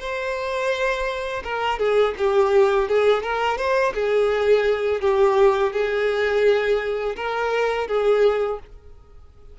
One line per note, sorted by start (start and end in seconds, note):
0.00 1.43 C5
1.44 1.79 A#4
1.79 2.14 G#4
2.18 2.88 G4
2.88 3.23 G#4
3.23 3.57 A#4
3.57 3.93 C5
3.94 5.01 G#4
5.01 5.72 G4
5.72 7.15 G#4
7.16 7.88 A#4
7.88 8.59 G#4